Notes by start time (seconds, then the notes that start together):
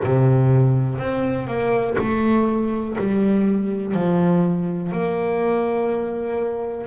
0.03 C3
0.98 C4
1.47 A#3
1.98 A3
2.98 G3
3.93 F3
4.92 A#3